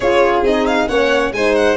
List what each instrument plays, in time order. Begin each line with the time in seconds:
0.00 tuba C#4, horn F4, violin G#4 C#5
0.42 tuba C4, horn D#4, violin D#5
0.66 violin F5
0.88 tuba A#3, horn C#4, violin C#5 F#5
1.32 tuba G#3, horn D#4, violin C5 G#5
1.55 violin F#5